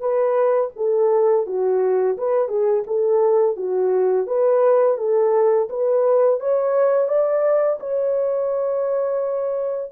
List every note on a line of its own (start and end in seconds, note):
0.00 0.71 B4
0.76 1.47 A4
1.47 2.17 F#4
2.18 2.48 B4
2.48 2.84 G#4
2.87 3.56 A4
3.56 4.27 F#4
4.27 4.98 B4
4.98 5.68 A4
5.70 6.40 B4
6.40 7.08 C#5
7.08 7.79 D5
7.80 9.92 C#5